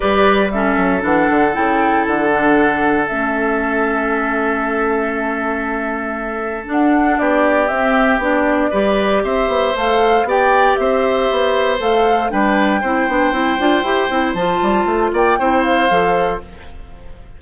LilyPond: <<
  \new Staff \with { instrumentName = "flute" } { \time 4/4 \tempo 4 = 117 d''4 e''4 fis''4 g''4 | fis''2 e''2~ | e''1~ | e''4 fis''4 d''4 e''4 |
d''2 e''4 f''4 | g''4 e''2 f''4 | g''1 | a''4. g''4 f''4. | }
  \new Staff \with { instrumentName = "oboe" } { \time 4/4 b'4 a'2.~ | a'1~ | a'1~ | a'2 g'2~ |
g'4 b'4 c''2 | d''4 c''2. | b'4 c''2.~ | c''4. d''8 c''2 | }
  \new Staff \with { instrumentName = "clarinet" } { \time 4/4 g'4 cis'4 d'4 e'4~ | e'8 d'4. cis'2~ | cis'1~ | cis'4 d'2 c'4 |
d'4 g'2 a'4 | g'2. a'4 | d'4 e'8 d'8 e'8 f'8 g'8 e'8 | f'2 e'4 a'4 | }
  \new Staff \with { instrumentName = "bassoon" } { \time 4/4 g4. fis8 e8 d8 cis4 | d2 a2~ | a1~ | a4 d'4 b4 c'4 |
b4 g4 c'8 b8 a4 | b4 c'4 b4 a4 | g4 c'8 b8 c'8 d'8 e'8 c'8 | f8 g8 a8 ais8 c'4 f4 | }
>>